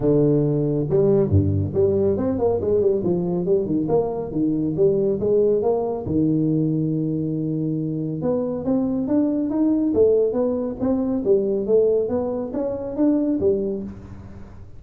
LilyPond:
\new Staff \with { instrumentName = "tuba" } { \time 4/4 \tempo 4 = 139 d2 g4 g,4 | g4 c'8 ais8 gis8 g8 f4 | g8 dis8 ais4 dis4 g4 | gis4 ais4 dis2~ |
dis2. b4 | c'4 d'4 dis'4 a4 | b4 c'4 g4 a4 | b4 cis'4 d'4 g4 | }